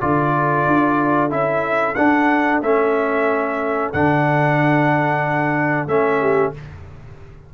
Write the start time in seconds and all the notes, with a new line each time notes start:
0.00 D3 F4 A4 D5
0.67 D4
1.30 C#4 E4 E5
1.95 D4 F#5
2.61 A3 C#4 E5
3.92 D3 D4 F#5
5.87 A3 C#4 E5
6.21 G4